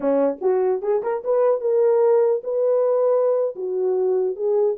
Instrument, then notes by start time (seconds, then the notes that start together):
horn
0.00 C#4
0.41 F#4
0.82 G#4
1.02 A#4
1.24 B4
1.60 A#4
2.43 B4
3.55 F#4
4.36 G#4